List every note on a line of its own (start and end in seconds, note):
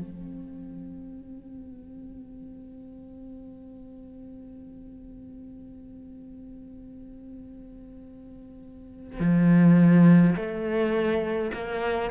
0.00 9.20 C4
9.20 10.36 F3
10.36 11.52 A3
11.54 12.12 A#3